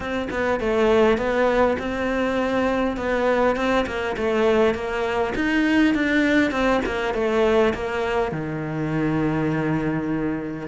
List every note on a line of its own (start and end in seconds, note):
0.00 0.28 C4
0.30 0.60 B3
0.60 1.17 A3
1.17 1.77 B3
1.78 2.96 C4
2.96 3.56 B3
3.56 3.85 C4
3.86 4.16 A#3
4.16 4.74 A3
4.74 5.33 A#3
5.35 5.94 D#4
5.94 6.51 D4
6.51 6.80 C4
6.85 7.14 A#3
7.14 7.73 A3
7.74 8.31 A#3
8.31 10.67 D#3